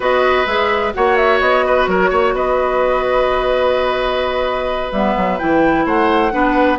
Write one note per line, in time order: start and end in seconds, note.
0.00 0.45 B3
0.00 0.46 F#4
0.00 0.93 B4
0.00 0.46 D#5
0.46 0.93 G#3
0.46 0.93 G#4
0.46 0.93 E5
0.93 1.40 A#3
0.93 4.92 F#4
0.93 1.66 C#5
0.93 1.16 F#5
1.16 1.39 E5
1.39 1.87 B3
1.39 1.86 D#5
1.66 1.89 B4
1.87 2.10 F#3
1.87 2.10 A#4
1.87 2.35 C#5
2.10 2.33 A#3
2.10 2.33 C#5
2.33 4.90 B3
2.33 5.85 B4
2.33 4.92 D#5
4.92 5.15 G3
4.92 5.39 B3
4.92 5.38 E5
5.16 5.39 F#3
5.38 5.85 E3
5.38 6.31 E4
5.38 5.85 G5
5.85 6.32 A3
5.85 6.32 C5
5.85 6.78 F#5
6.31 6.78 B3
6.31 6.78 D4
6.31 6.78 B4